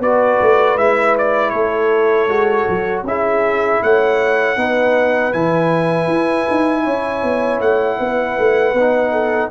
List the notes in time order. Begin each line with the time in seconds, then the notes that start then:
0.00 B3 F#4 B4 D5
0.41 A3
0.77 G#3 E4 E5
1.18 D5
1.50 A3 A4 C#5
2.28 G#3 F#4
2.69 F#3
3.03 C#4 E4 G#4 E5
3.83 A3 C#5 F#5
4.57 B3 D#4 B4
5.33 E3 E4 G#5
6.07 E4
6.51 D#4
6.84 C#4 C#5
7.23 B3
7.60 A3 F#5
7.98 B3 B4
8.39 A3
8.74 B3 D#4
9.12 A4